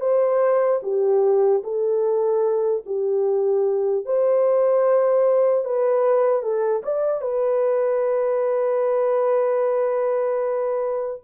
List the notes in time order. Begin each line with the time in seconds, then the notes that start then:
0.00 C5
0.83 G4
1.63 A4
2.85 G4
4.05 C5
5.65 B4
6.42 A4
6.83 D5
7.21 B4